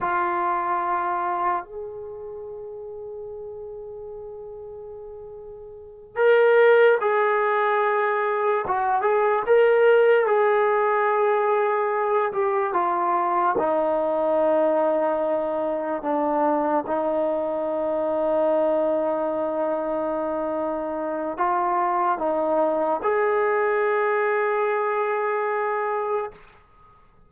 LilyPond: \new Staff \with { instrumentName = "trombone" } { \time 4/4 \tempo 4 = 73 f'2 gis'2~ | gis'2.~ gis'8 ais'8~ | ais'8 gis'2 fis'8 gis'8 ais'8~ | ais'8 gis'2~ gis'8 g'8 f'8~ |
f'8 dis'2. d'8~ | d'8 dis'2.~ dis'8~ | dis'2 f'4 dis'4 | gis'1 | }